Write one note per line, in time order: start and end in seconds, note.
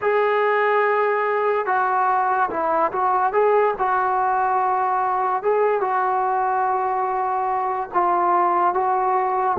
0.01 1.66 G#4
1.66 2.49 F#4
2.50 2.91 E4
2.92 3.32 F#4
3.32 3.74 G#4
3.78 5.42 F#4
5.42 5.80 G#4
5.80 7.89 F#4
7.93 8.73 F4
8.73 9.57 F#4